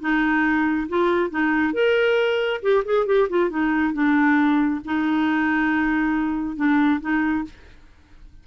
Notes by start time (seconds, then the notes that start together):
0.00 D#4
0.89 F4
1.30 D#4
1.73 A#4
2.62 G4
2.85 G#4
3.06 G4
3.29 F4
3.50 D#4
3.93 D4
4.85 D#4
6.56 D4
7.01 D#4